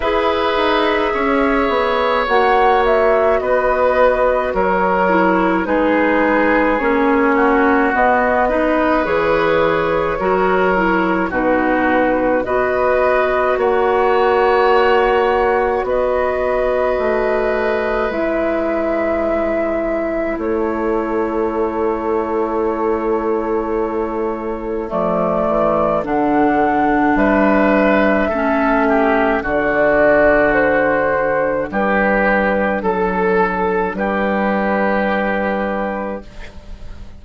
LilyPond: <<
  \new Staff \with { instrumentName = "flute" } { \time 4/4 \tempo 4 = 53 e''2 fis''8 e''8 dis''4 | cis''4 b'4 cis''4 dis''4 | cis''2 b'4 dis''4 | fis''2 dis''2 |
e''2 cis''2~ | cis''2 d''4 fis''4 | e''2 d''4 c''4 | b'4 a'4 b'2 | }
  \new Staff \with { instrumentName = "oboe" } { \time 4/4 b'4 cis''2 b'4 | ais'4 gis'4. fis'4 b'8~ | b'4 ais'4 fis'4 b'4 | cis''2 b'2~ |
b'2 a'2~ | a'1 | b'4 a'8 g'8 fis'2 | g'4 a'4 g'2 | }
  \new Staff \with { instrumentName = "clarinet" } { \time 4/4 gis'2 fis'2~ | fis'8 e'8 dis'4 cis'4 b8 dis'8 | gis'4 fis'8 e'8 dis'4 fis'4~ | fis'1 |
e'1~ | e'2 a4 d'4~ | d'4 cis'4 d'2~ | d'1 | }
  \new Staff \with { instrumentName = "bassoon" } { \time 4/4 e'8 dis'8 cis'8 b8 ais4 b4 | fis4 gis4 ais4 b4 | e4 fis4 b,4 b4 | ais2 b4 a4 |
gis2 a2~ | a2 f8 e8 d4 | g4 a4 d2 | g4 fis4 g2 | }
>>